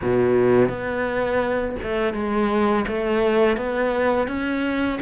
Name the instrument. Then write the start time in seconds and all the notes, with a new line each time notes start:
cello
0.01 B2
0.68 B3
1.82 A3
2.13 G#3
2.87 A3
3.56 B3
4.27 C#4